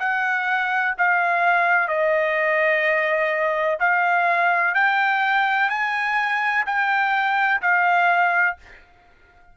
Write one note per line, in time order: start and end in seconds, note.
0.00 0.95 F#5
0.98 1.88 F5
1.88 3.79 D#5
3.80 4.75 F5
4.75 5.70 G5
5.70 6.65 G#5
6.66 7.61 G5
7.62 8.57 F5